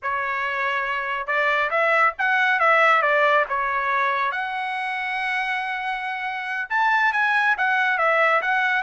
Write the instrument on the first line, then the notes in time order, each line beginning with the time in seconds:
trumpet
0.02 C#5
1.26 D5
1.70 E5
2.18 F#5
2.59 E5
3.01 D5
3.48 C#5
4.31 F#5
6.69 A5
7.12 G#5
7.57 F#5
7.98 E5
8.41 F#5